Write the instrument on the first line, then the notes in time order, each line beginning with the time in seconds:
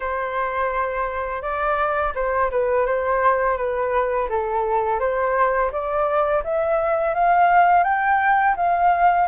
flute
0.00 C5
1.42 D5
2.14 C5
2.50 B4
2.85 C5
3.57 B4
4.29 A4
4.99 C5
5.71 D5
6.44 E5
7.14 F5
7.83 G5
8.56 F5